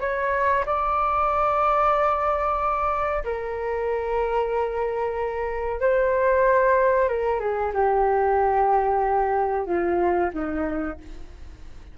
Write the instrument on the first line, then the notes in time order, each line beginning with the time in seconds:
flute
0.00 C#5
0.66 D5
3.24 A#4
5.81 C5
7.09 A#4
7.40 G#4
7.74 G4
9.66 F4
10.33 D#4